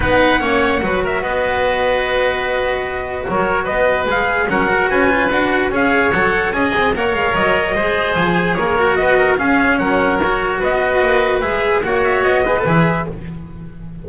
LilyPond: <<
  \new Staff \with { instrumentName = "trumpet" } { \time 4/4 \tempo 4 = 147 fis''2~ fis''8 e''8 dis''4~ | dis''1 | cis''4 dis''4 f''4 fis''4 | gis''4 fis''4 f''4 fis''4 |
gis''4 fis''8 f''8 dis''2 | gis''4 cis''4 dis''4 f''4 | fis''4 cis''4 dis''2 | e''4 fis''8 e''8 dis''4 e''4 | }
  \new Staff \with { instrumentName = "oboe" } { \time 4/4 b'4 cis''4 b'8 ais'8 b'4~ | b'1 | ais'4 b'2 ais'4 | b'2 cis''2 |
dis''4 cis''2 c''4~ | c''4 ais'4 b'8 ais'8 gis'4 | ais'2 b'2~ | b'4 cis''4. b'4. | }
  \new Staff \with { instrumentName = "cello" } { \time 4/4 dis'4 cis'4 fis'2~ | fis'1~ | fis'2 gis'4 cis'8 fis'8~ | fis'8 f'8 fis'4 gis'4 a'4 |
gis'4 ais'2 gis'4~ | gis'4. fis'4. cis'4~ | cis'4 fis'2. | gis'4 fis'4. gis'16 a'16 gis'4 | }
  \new Staff \with { instrumentName = "double bass" } { \time 4/4 b4 ais4 fis4 b4~ | b1 | fis4 b4 gis4 fis4 | cis'4 d'4 cis'4 fis4 |
cis'8 c'8 ais8 gis8 fis4 gis4 | f4 ais4 b4 cis'4 | fis2 b4 ais4 | gis4 ais4 b4 e4 | }
>>